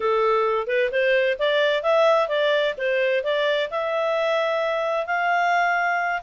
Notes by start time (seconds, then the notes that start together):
0.00 A4
0.67 B4
0.91 C5
1.38 D5
1.83 E5
2.28 D5
2.77 C5
3.23 D5
3.70 E5
5.06 F5